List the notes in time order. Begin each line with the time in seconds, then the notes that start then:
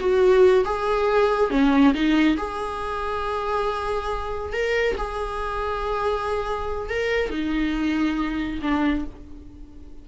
0.00 F#4
0.65 G#4
1.51 C#4
1.94 D#4
2.38 G#4
4.53 A#4
4.98 G#4
6.90 A#4
7.30 D#4
8.63 D4